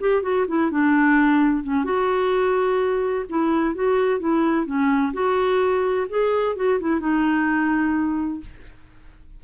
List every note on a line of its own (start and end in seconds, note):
0.00 0.22 G4
0.22 0.46 F#4
0.48 0.71 E4
0.71 1.63 D4
1.63 1.84 C#4
1.84 3.25 F#4
3.29 3.75 E4
3.75 4.19 F#4
4.19 4.66 E4
4.66 5.13 C#4
5.13 6.07 F#4
6.09 6.56 G#4
6.56 6.79 F#4
6.80 7.00 E4
7.00 8.40 D#4